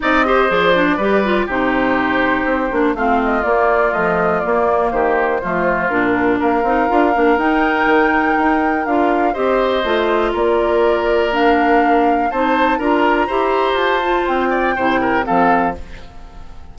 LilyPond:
<<
  \new Staff \with { instrumentName = "flute" } { \time 4/4 \tempo 4 = 122 dis''4 d''2 c''4~ | c''2 f''8 dis''8 d''4 | dis''4 d''4 c''2 | ais'4 f''2 g''4~ |
g''2 f''4 dis''4~ | dis''4 d''2 f''4~ | f''4 a''4 ais''2 | a''4 g''2 f''4 | }
  \new Staff \with { instrumentName = "oboe" } { \time 4/4 d''8 c''4. b'4 g'4~ | g'2 f'2~ | f'2 g'4 f'4~ | f'4 ais'2.~ |
ais'2. c''4~ | c''4 ais'2.~ | ais'4 c''4 ais'4 c''4~ | c''4. d''8 c''8 ais'8 a'4 | }
  \new Staff \with { instrumentName = "clarinet" } { \time 4/4 dis'8 g'8 gis'8 d'8 g'8 f'8 dis'4~ | dis'4. d'8 c'4 ais4 | f4 ais2 a4 | d'4. dis'8 f'8 d'8 dis'4~ |
dis'2 f'4 g'4 | f'2. d'4~ | d'4 dis'4 f'4 g'4~ | g'8 f'4. e'4 c'4 | }
  \new Staff \with { instrumentName = "bassoon" } { \time 4/4 c'4 f4 g4 c4~ | c4 c'8 ais8 a4 ais4 | a4 ais4 dis4 f4 | ais,4 ais8 c'8 d'8 ais8 dis'4 |
dis4 dis'4 d'4 c'4 | a4 ais2.~ | ais4 c'4 d'4 e'4 | f'4 c'4 c4 f4 | }
>>